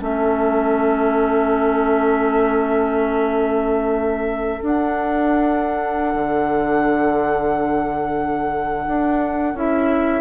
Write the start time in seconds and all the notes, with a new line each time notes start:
0.00 A3 C#4 A4 E5
4.60 D4
4.66 F#5
6.14 D3
8.87 D4
9.54 C#4 E4 E5